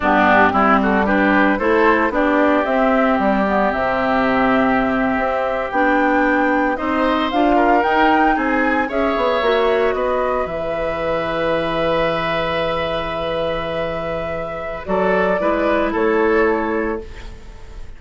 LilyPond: <<
  \new Staff \with { instrumentName = "flute" } { \time 4/4 \tempo 4 = 113 g'4. a'8 b'4 c''4 | d''4 e''4 d''4 e''4~ | e''2~ e''8. g''4~ g''16~ | g''8. dis''4 f''4 g''4 gis''16~ |
gis''8. e''2 dis''4 e''16~ | e''1~ | e''1 | d''2 cis''2 | }
  \new Staff \with { instrumentName = "oboe" } { \time 4/4 d'4 e'8 fis'8 g'4 a'4 | g'1~ | g'1~ | g'8. c''4. ais'4. gis'16~ |
gis'8. cis''2 b'4~ b'16~ | b'1~ | b'1 | a'4 b'4 a'2 | }
  \new Staff \with { instrumentName = "clarinet" } { \time 4/4 b4 c'4 d'4 e'4 | d'4 c'4. b8 c'4~ | c'2~ c'8. d'4~ d'16~ | d'8. dis'4 f'4 dis'4~ dis'16~ |
dis'8. gis'4 fis'2 gis'16~ | gis'1~ | gis'1 | fis'4 e'2. | }
  \new Staff \with { instrumentName = "bassoon" } { \time 4/4 g,4 g2 a4 | b4 c'4 g4 c4~ | c4.~ c16 c'4 b4~ b16~ | b8. c'4 d'4 dis'4 c'16~ |
c'8. cis'8 b8 ais4 b4 e16~ | e1~ | e1 | fis4 gis4 a2 | }
>>